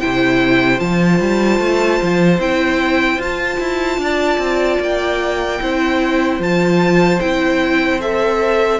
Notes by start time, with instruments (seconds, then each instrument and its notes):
0.00 cello C3, viola E4, violin C5 G5
0.78 cello F3, viola F4, violin A5
1.20 cello G3
1.59 cello A3
2.02 cello F3
2.39 cello C4, viola E4, violin G5
3.18 cello F4, viola F4, violin A5
3.60 cello E4
3.98 cello D4, violin D5
4.38 cello C4
4.79 cello A#3, violin G5
5.61 cello C4, viola E4, violin C5
6.39 cello F3, viola F4, violin A5
7.20 cello C4, viola E4, violin G5
8.00 viola A4, violin E5